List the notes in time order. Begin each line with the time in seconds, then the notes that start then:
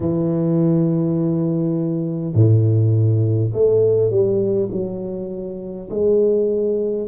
0.00 E3
2.34 A2
3.53 A3
4.10 G3
4.71 F#3
5.90 G#3